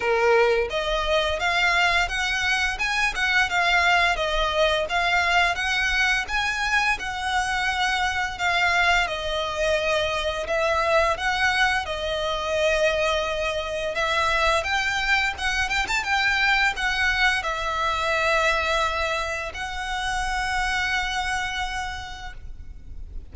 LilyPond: \new Staff \with { instrumentName = "violin" } { \time 4/4 \tempo 4 = 86 ais'4 dis''4 f''4 fis''4 | gis''8 fis''8 f''4 dis''4 f''4 | fis''4 gis''4 fis''2 | f''4 dis''2 e''4 |
fis''4 dis''2. | e''4 g''4 fis''8 g''16 a''16 g''4 | fis''4 e''2. | fis''1 | }